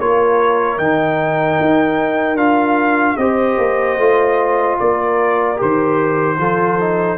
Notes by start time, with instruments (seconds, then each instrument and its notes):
0.00 tuba A#3, trombone F4, horn A#4, trumpet C#5
0.78 tuba D#3, trombone D#4, trumpet G5
1.61 tuba D#4
2.35 tuba D4, trombone F4, trumpet F5
3.17 tuba C4, trombone G4, horn C5, trumpet D#5
3.58 tuba A#3
3.98 tuba A3, trombone F4
4.79 tuba A#3, horn A#4, trumpet D5
5.56 tuba D#3, trombone G4, trumpet C5
6.39 tuba F3, trombone F4, horn A4
6.80 trombone D#4